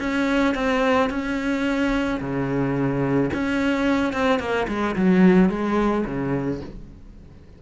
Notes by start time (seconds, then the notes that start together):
0.00 C#4
0.55 C4
1.10 C#4
2.20 C#3
3.34 C#4
4.13 C4
4.40 A#3
4.68 G#3
4.96 F#3
5.49 G#3
6.06 C#3